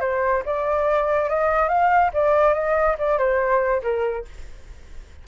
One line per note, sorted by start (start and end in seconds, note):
0.00 0.43 C5
0.45 1.29 D5
1.29 1.68 D#5
1.68 2.11 F5
2.13 2.54 D5
2.54 2.96 D#5
2.98 3.18 D5
3.18 3.82 C5
3.82 4.25 A#4